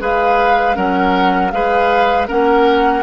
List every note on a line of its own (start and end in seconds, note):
0.00 0.77 G#3
0.00 0.75 G#4
0.00 0.76 B4
0.00 0.76 F5
0.75 1.53 F#3
0.75 1.51 C#4
0.75 1.52 A#4
0.75 1.51 F#5
1.51 2.28 G#3
1.51 2.28 G#4
1.51 2.28 B4
1.51 2.27 F5
2.28 3.03 A#3
2.28 3.03 C#4
2.28 3.03 A#4
2.28 3.03 F#5